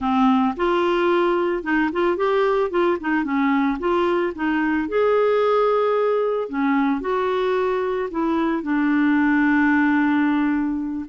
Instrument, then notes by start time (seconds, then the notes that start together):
clarinet
0.00 C4
0.56 F4
1.63 D#4
1.92 F4
2.16 G4
2.70 F4
3.00 D#4
3.23 C#4
3.79 F4
4.35 D#4
4.88 G#4
6.48 C#4
7.00 F#4
8.11 E4
8.62 D4